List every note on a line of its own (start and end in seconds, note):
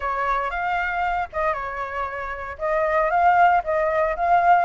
0.00 0.50 C#5
0.50 1.28 F5
1.32 1.53 D#5
1.53 2.57 C#5
2.58 3.10 D#5
3.10 3.62 F5
3.63 4.15 D#5
4.16 4.65 F5